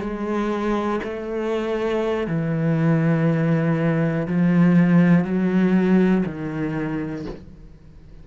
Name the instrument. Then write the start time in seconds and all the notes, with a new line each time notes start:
cello
0.00 G#3
1.04 A3
2.27 E3
4.28 F3
5.25 F#3
6.25 D#3